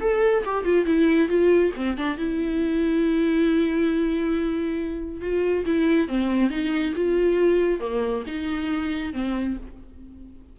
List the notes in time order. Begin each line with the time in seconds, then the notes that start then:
0.00 A4
0.44 G4
0.64 F4
0.85 E4
1.28 F4
1.76 C4
1.97 D4
2.17 E4
5.21 F4
5.65 E4
6.08 C4
6.50 D#4
6.95 F4
7.80 A#3
8.27 D#4
9.13 C4